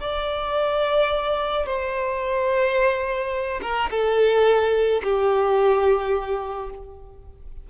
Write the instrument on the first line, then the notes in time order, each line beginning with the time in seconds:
violin
0.00 D5
1.66 C5
3.62 A#4
3.91 A4
5.03 G4